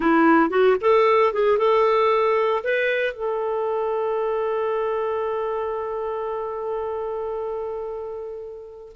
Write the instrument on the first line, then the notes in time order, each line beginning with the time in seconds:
clarinet
0.00 E4
0.50 F#4
0.81 A4
1.33 G#4
1.58 A4
2.63 B4
3.13 A4